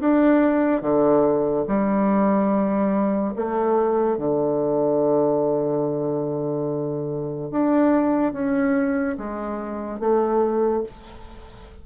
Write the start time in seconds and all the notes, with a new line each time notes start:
0.00 D4
0.81 D3
1.67 G3
3.36 A3
4.17 D3
7.51 D4
8.33 C#4
9.18 G#3
10.00 A3